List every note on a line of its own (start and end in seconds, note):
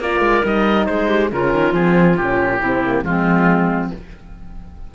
0.00 0.21 A#3
0.00 0.44 F4
0.00 0.87 A#4
0.00 0.46 D5
0.21 0.42 G#3
0.44 0.88 G3
0.44 1.31 D#4
0.44 0.87 D#5
0.87 1.32 G#3
0.87 1.08 G#4
0.87 1.30 C5
1.08 1.30 G4
1.32 1.53 C#3
1.32 1.74 C#4
1.32 2.59 F4
1.32 1.74 A#4
1.53 1.73 D#3
1.73 2.16 F3
1.73 2.17 C4
1.73 2.17 G#4
2.17 2.62 A#2
2.17 2.61 C#4
2.17 3.04 G4
2.59 3.04 C3
2.59 2.85 C4
2.59 3.03 E4
2.85 3.02 A#3
3.02 3.91 F3
3.02 3.89 G#3
3.02 3.95 C4
3.02 3.92 F4